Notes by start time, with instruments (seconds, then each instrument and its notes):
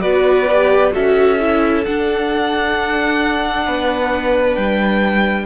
0.00 cello B3, viola F#4, violin B4 D5
0.51 viola G4
0.92 cello C#4, viola F#4, violin A4 E5
1.40 viola E4
1.84 viola D4, cello D4, violin F#5
3.65 cello B3, violin B4
4.55 cello G3, violin G5